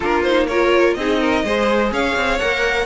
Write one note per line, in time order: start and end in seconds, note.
0.00 0.95 A#3
0.00 0.25 D4
0.00 0.47 F4
0.00 0.23 A#4
0.23 0.49 D#4
0.23 0.47 C5
0.47 0.98 F4
0.47 0.97 A#4
0.47 0.94 C#5
0.94 1.43 C4
0.94 1.45 D#4
0.94 1.20 G#4
0.94 1.90 D#5
1.20 1.44 A#4
1.44 1.91 G#3
1.44 2.40 G#4
1.44 1.93 C5
1.91 2.15 C#4
1.91 2.86 C#5
1.91 2.38 F5
2.16 2.40 C4
2.38 2.86 A#3
2.38 2.86 A#4
2.38 2.86 F#5